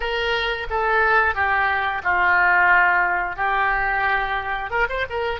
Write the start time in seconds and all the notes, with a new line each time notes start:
0.00 A#4
0.70 A4
1.34 G4
2.03 F4
3.36 G4
4.70 A#4
4.89 C5
5.09 A#4